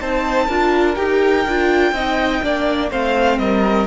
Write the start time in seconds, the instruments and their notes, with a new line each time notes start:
0.00 cello C4, viola D#4, violin C5 A5
0.47 cello D4, viola F4, violin A#4
0.95 cello D#4, viola G4, violin G5
1.47 cello D4, viola F4
1.92 cello C4, viola D#4, violin D#5
2.43 cello A#3, viola D4, violin D5
2.91 cello A3, viola C4, violin C5 F5
3.38 cello G3, violin A#4 D#5